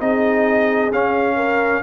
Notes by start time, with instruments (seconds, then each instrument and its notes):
0.00 tuba C4, trombone D#4, horn G#4, trumpet D#5
0.91 tuba C#4, trombone C#4, trumpet F5
1.36 horn A#4